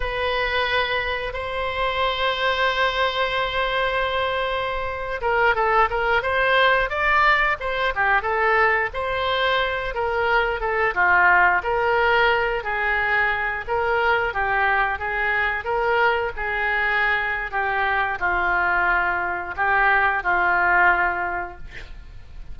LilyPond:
\new Staff \with { instrumentName = "oboe" } { \time 4/4 \tempo 4 = 89 b'2 c''2~ | c''2.~ c''8. ais'16~ | ais'16 a'8 ais'8 c''4 d''4 c''8 g'16~ | g'16 a'4 c''4. ais'4 a'16~ |
a'16 f'4 ais'4. gis'4~ gis'16~ | gis'16 ais'4 g'4 gis'4 ais'8.~ | ais'16 gis'4.~ gis'16 g'4 f'4~ | f'4 g'4 f'2 | }